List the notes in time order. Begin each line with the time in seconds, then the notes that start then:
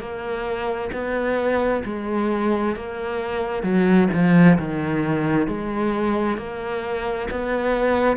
0.00 A#3
0.93 B3
1.85 G#3
2.76 A#3
3.63 F#3
4.13 F3
4.59 D#3
5.48 G#3
6.38 A#3
7.31 B3